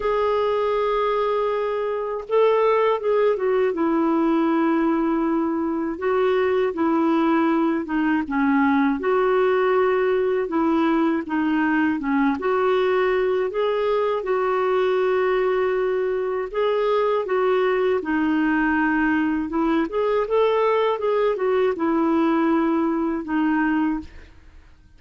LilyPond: \new Staff \with { instrumentName = "clarinet" } { \time 4/4 \tempo 4 = 80 gis'2. a'4 | gis'8 fis'8 e'2. | fis'4 e'4. dis'8 cis'4 | fis'2 e'4 dis'4 |
cis'8 fis'4. gis'4 fis'4~ | fis'2 gis'4 fis'4 | dis'2 e'8 gis'8 a'4 | gis'8 fis'8 e'2 dis'4 | }